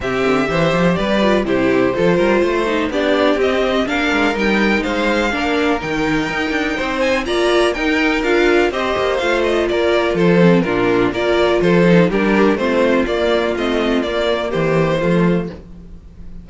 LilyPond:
<<
  \new Staff \with { instrumentName = "violin" } { \time 4/4 \tempo 4 = 124 e''2 d''4 c''4~ | c''2 d''4 dis''4 | f''4 g''4 f''2 | g''2~ g''8 gis''8 ais''4 |
g''4 f''4 dis''4 f''8 dis''8 | d''4 c''4 ais'4 d''4 | c''4 ais'4 c''4 d''4 | dis''4 d''4 c''2 | }
  \new Staff \with { instrumentName = "violin" } { \time 4/4 g'4 c''4 b'4 g'4 | a'8 ais'8 c''4 g'2 | ais'2 c''4 ais'4~ | ais'2 c''4 d''4 |
ais'2 c''2 | ais'4 a'4 f'4 ais'4 | a'4 g'4 f'2~ | f'2 g'4 f'4 | }
  \new Staff \with { instrumentName = "viola" } { \time 4/4 c'4 g'4. f'8 e'4 | f'4. dis'8 d'4 c'4 | d'4 dis'2 d'4 | dis'2. f'4 |
dis'4 f'4 g'4 f'4~ | f'4. c'8 d'4 f'4~ | f'8 dis'8 d'4 c'4 ais4 | c'4 ais2 a4 | }
  \new Staff \with { instrumentName = "cello" } { \time 4/4 c8 d8 e8 f8 g4 c4 | f8 g8 a4 b4 c'4 | ais8 gis8 g4 gis4 ais4 | dis4 dis'8 d'8 c'4 ais4 |
dis'4 d'4 c'8 ais8 a4 | ais4 f4 ais,4 ais4 | f4 g4 a4 ais4 | a4 ais4 e4 f4 | }
>>